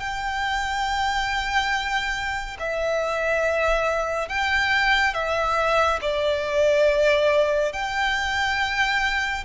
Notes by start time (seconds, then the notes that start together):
0.00 G5
2.60 E5
4.29 G5
5.14 E5
6.02 D5
7.73 G5